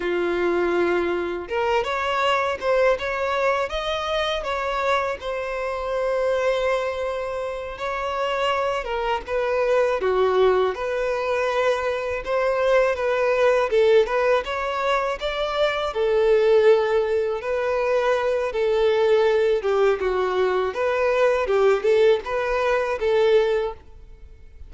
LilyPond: \new Staff \with { instrumentName = "violin" } { \time 4/4 \tempo 4 = 81 f'2 ais'8 cis''4 c''8 | cis''4 dis''4 cis''4 c''4~ | c''2~ c''8 cis''4. | ais'8 b'4 fis'4 b'4.~ |
b'8 c''4 b'4 a'8 b'8 cis''8~ | cis''8 d''4 a'2 b'8~ | b'4 a'4. g'8 fis'4 | b'4 g'8 a'8 b'4 a'4 | }